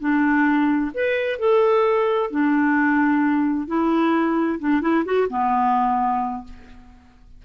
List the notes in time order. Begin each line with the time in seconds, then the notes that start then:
0.00 D4
0.94 B4
1.39 A4
2.31 D4
3.67 E4
4.59 D4
4.81 E4
5.05 F#4
5.30 B3